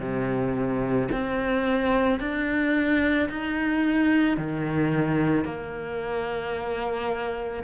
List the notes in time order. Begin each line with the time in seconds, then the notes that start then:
0.00 C3
1.12 C4
2.21 D4
3.30 D#4
4.38 D#3
5.45 A#3